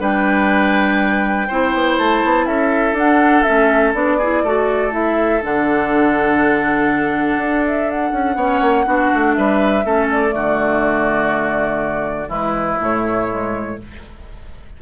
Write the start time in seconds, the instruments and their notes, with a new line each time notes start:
0.00 bassoon G3, clarinet D4, oboe B4, flute G5
1.48 bassoon C4, clarinet E4, oboe C5
1.74 bassoon B3
1.98 bassoon A3, flute A5
2.24 bassoon B3
2.46 bassoon C#4, oboe A4, flute E5
2.93 bassoon D4, clarinet D4, flute F#5
3.43 clarinet C#4, flute E5
3.49 bassoon A3
3.94 bassoon B3, clarinet D4, flute D5
4.18 clarinet E4, oboe G#4
4.43 bassoon A3, clarinet F#4, oboe A4
4.91 clarinet E4, flute E5
5.43 bassoon D3, clarinet D4, flute F#5
7.37 bassoon D4
7.66 flute E5
7.91 flute F#5
8.12 bassoon C#4
8.36 bassoon B3, clarinet C#4, oboe C#5
8.61 bassoon A#3
8.86 bassoon B3, clarinet D4, oboe F#4
9.14 bassoon A3
9.34 bassoon G3, oboe B4, flute E5
9.84 bassoon A3, clarinet C#4, oboe A4
10.11 flute D5
10.29 bassoon D3, clarinet A3, oboe F#4
12.27 bassoon E3, clarinet G#3, oboe E4, flute B4
12.80 bassoon A2, clarinet A3, flute C#5
13.29 clarinet G#3